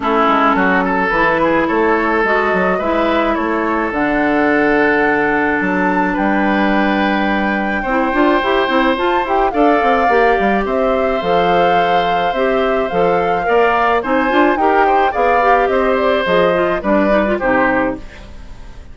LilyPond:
<<
  \new Staff \with { instrumentName = "flute" } { \time 4/4 \tempo 4 = 107 a'2 b'4 cis''4 | dis''4 e''4 cis''4 fis''4~ | fis''2 a''4 g''4~ | g''1 |
a''8 g''8 f''2 e''4 | f''2 e''4 f''4~ | f''4 gis''4 g''4 f''4 | dis''8 d''8 dis''4 d''4 c''4 | }
  \new Staff \with { instrumentName = "oboe" } { \time 4/4 e'4 fis'8 a'4 gis'8 a'4~ | a'4 b'4 a'2~ | a'2. b'4~ | b'2 c''2~ |
c''4 d''2 c''4~ | c''1 | d''4 c''4 ais'8 c''8 d''4 | c''2 b'4 g'4 | }
  \new Staff \with { instrumentName = "clarinet" } { \time 4/4 cis'2 e'2 | fis'4 e'2 d'4~ | d'1~ | d'2 e'8 f'8 g'8 e'8 |
f'8 g'8 a'4 g'2 | a'2 g'4 a'4 | ais'4 dis'8 f'8 g'4 gis'8 g'8~ | g'4 gis'8 f'8 d'8 dis'16 f'16 dis'4 | }
  \new Staff \with { instrumentName = "bassoon" } { \time 4/4 a8 gis8 fis4 e4 a4 | gis8 fis8 gis4 a4 d4~ | d2 fis4 g4~ | g2 c'8 d'8 e'8 c'8 |
f'8 e'8 d'8 c'8 ais8 g8 c'4 | f2 c'4 f4 | ais4 c'8 d'8 dis'4 b4 | c'4 f4 g4 c4 | }
>>